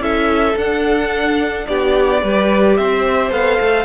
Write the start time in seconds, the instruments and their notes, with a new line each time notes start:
0.00 cello C#4, viola E4, violin A4 E5
0.56 cello D4, viola D4, violin F#5
1.68 cello B3, violin G4 D5
2.23 cello G3, viola G4, violin B4
2.77 cello C4, violin C5 E5
3.31 cello B3, viola A4, violin F5
3.61 cello A3